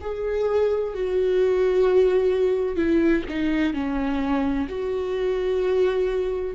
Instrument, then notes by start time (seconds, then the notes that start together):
viola
0.00 G#4
0.94 F#4
2.76 E4
3.29 D#4
3.73 C#4
4.69 F#4